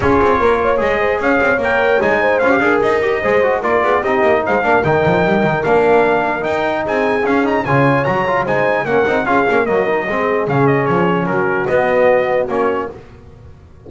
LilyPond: <<
  \new Staff \with { instrumentName = "trumpet" } { \time 4/4 \tempo 4 = 149 cis''2 dis''4 f''4 | g''4 gis''4 f''4 dis''4~ | dis''4 d''4 dis''4 f''4 | g''2 f''2 |
g''4 gis''4 f''8 ais''8 gis''4 | ais''4 gis''4 fis''4 f''4 | dis''2 f''8 dis''8 cis''4 | ais'4 dis''2 cis''4 | }
  \new Staff \with { instrumentName = "horn" } { \time 4/4 gis'4 ais'8 cis''4 c''8 cis''4~ | cis''4. c''4 ais'4. | c''4 ais'8 gis'8 g'4 c''8 ais'8~ | ais'1~ |
ais'4 gis'2 cis''4~ | cis''4 c''4 ais'4 gis'4 | ais'4 gis'2. | fis'1 | }
  \new Staff \with { instrumentName = "trombone" } { \time 4/4 f'2 gis'2 | ais'4 dis'4 f'16 g'16 gis'4 g'8 | gis'8 fis'8 f'4 dis'4. d'8 | dis'2 d'2 |
dis'2 cis'8 dis'8 f'4 | fis'8 f'8 dis'4 cis'8 dis'8 f'8 cis'8 | ais8 dis'8 c'4 cis'2~ | cis'4 b2 cis'4 | }
  \new Staff \with { instrumentName = "double bass" } { \time 4/4 cis'8 c'8 ais4 gis4 cis'8 c'8 | ais4 gis4 cis'8 d'8 dis'4 | gis4 ais8 b8 c'8 ais8 gis8 ais8 | dis8 f8 g8 dis8 ais2 |
dis'4 c'4 cis'4 cis4 | fis4 gis4 ais8 c'8 cis'8 ais8 | fis4 gis4 cis4 f4 | fis4 b2 ais4 | }
>>